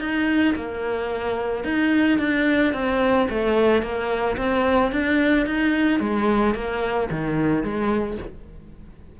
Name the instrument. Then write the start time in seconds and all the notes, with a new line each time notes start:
cello
0.00 D#4
0.55 A#3
1.64 D#4
2.19 D4
2.73 C4
3.29 A3
3.82 A#3
4.37 C4
4.92 D4
5.46 D#4
6.00 G#3
6.54 A#3
7.11 D#3
7.63 G#3